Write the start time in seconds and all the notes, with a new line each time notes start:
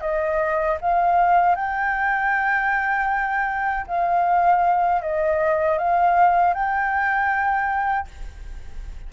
0.00 D#5
0.80 F5
1.55 G5
3.86 F5
5.01 D#5
5.78 F5
6.53 G5